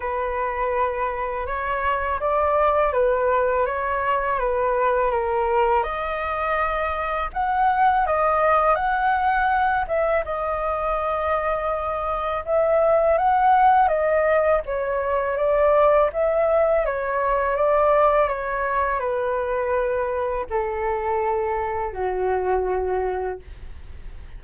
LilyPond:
\new Staff \with { instrumentName = "flute" } { \time 4/4 \tempo 4 = 82 b'2 cis''4 d''4 | b'4 cis''4 b'4 ais'4 | dis''2 fis''4 dis''4 | fis''4. e''8 dis''2~ |
dis''4 e''4 fis''4 dis''4 | cis''4 d''4 e''4 cis''4 | d''4 cis''4 b'2 | a'2 fis'2 | }